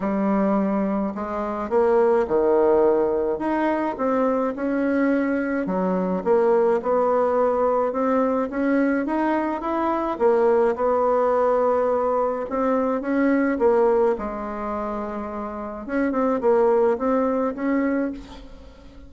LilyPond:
\new Staff \with { instrumentName = "bassoon" } { \time 4/4 \tempo 4 = 106 g2 gis4 ais4 | dis2 dis'4 c'4 | cis'2 fis4 ais4 | b2 c'4 cis'4 |
dis'4 e'4 ais4 b4~ | b2 c'4 cis'4 | ais4 gis2. | cis'8 c'8 ais4 c'4 cis'4 | }